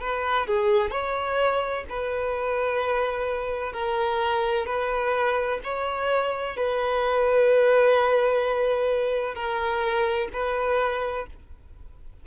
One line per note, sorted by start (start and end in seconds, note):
0.00 0.46 B4
0.46 0.90 G#4
0.90 1.84 C#5
1.89 3.72 B4
3.72 4.66 A#4
4.66 5.60 B4
5.63 6.56 C#5
6.56 9.35 B4
9.35 10.28 A#4
10.33 11.26 B4